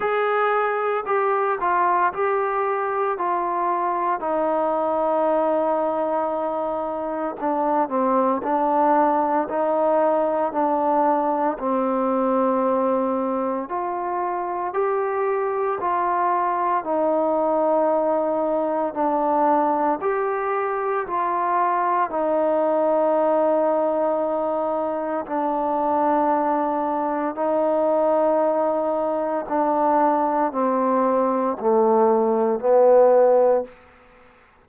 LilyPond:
\new Staff \with { instrumentName = "trombone" } { \time 4/4 \tempo 4 = 57 gis'4 g'8 f'8 g'4 f'4 | dis'2. d'8 c'8 | d'4 dis'4 d'4 c'4~ | c'4 f'4 g'4 f'4 |
dis'2 d'4 g'4 | f'4 dis'2. | d'2 dis'2 | d'4 c'4 a4 b4 | }